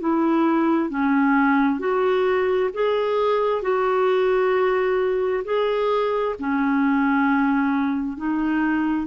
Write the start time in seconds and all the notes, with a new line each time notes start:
0.00 E4
0.90 C#4
1.79 F#4
2.74 G#4
3.62 F#4
5.45 G#4
6.39 C#4
8.17 D#4